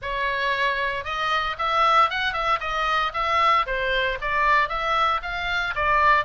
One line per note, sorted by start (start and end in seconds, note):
0.01 1.04 C#5
1.04 1.56 D#5
1.58 2.09 E5
2.09 2.33 F#5
2.33 2.59 E5
2.60 3.12 D#5
3.13 3.65 E5
3.66 4.18 C5
4.21 4.68 D5
4.68 5.21 E5
5.22 5.74 F5
5.75 6.25 D5